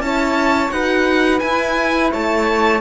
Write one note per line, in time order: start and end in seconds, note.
0.00 0.70 C#4
0.00 0.70 E4
0.00 0.73 C#5
0.00 0.71 A5
0.71 1.41 D#4
0.71 1.41 F#4
0.71 2.12 B4
0.71 1.40 F#5
1.40 2.81 E4
1.40 2.12 E4
1.40 2.09 G#5
2.12 2.81 A3
2.12 2.81 C#5
2.12 2.81 A5